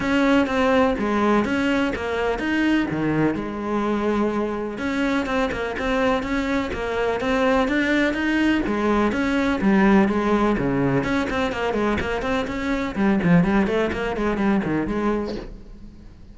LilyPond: \new Staff \with { instrumentName = "cello" } { \time 4/4 \tempo 4 = 125 cis'4 c'4 gis4 cis'4 | ais4 dis'4 dis4 gis4~ | gis2 cis'4 c'8 ais8 | c'4 cis'4 ais4 c'4 |
d'4 dis'4 gis4 cis'4 | g4 gis4 cis4 cis'8 c'8 | ais8 gis8 ais8 c'8 cis'4 g8 f8 | g8 a8 ais8 gis8 g8 dis8 gis4 | }